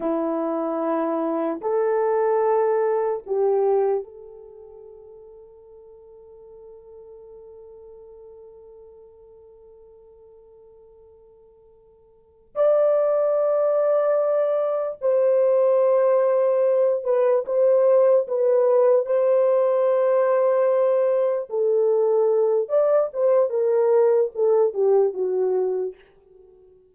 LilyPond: \new Staff \with { instrumentName = "horn" } { \time 4/4 \tempo 4 = 74 e'2 a'2 | g'4 a'2.~ | a'1~ | a'2.~ a'8 d''8~ |
d''2~ d''8 c''4.~ | c''4 b'8 c''4 b'4 c''8~ | c''2~ c''8 a'4. | d''8 c''8 ais'4 a'8 g'8 fis'4 | }